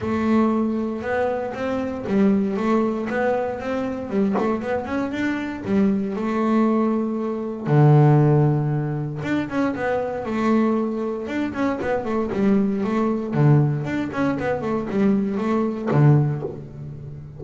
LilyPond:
\new Staff \with { instrumentName = "double bass" } { \time 4/4 \tempo 4 = 117 a2 b4 c'4 | g4 a4 b4 c'4 | g8 a8 b8 cis'8 d'4 g4 | a2. d4~ |
d2 d'8 cis'8 b4 | a2 d'8 cis'8 b8 a8 | g4 a4 d4 d'8 cis'8 | b8 a8 g4 a4 d4 | }